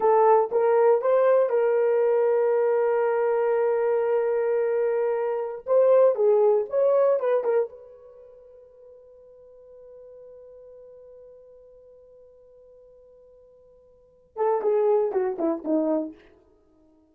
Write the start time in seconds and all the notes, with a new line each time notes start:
0.00 A4
0.51 A#4
1.01 C5
1.49 A#4
5.66 C5
6.15 G#4
6.69 C#5
7.19 B4
7.44 A#4
7.69 B4
14.36 A4
14.61 G#4
15.12 F#4
15.38 E4
15.64 D#4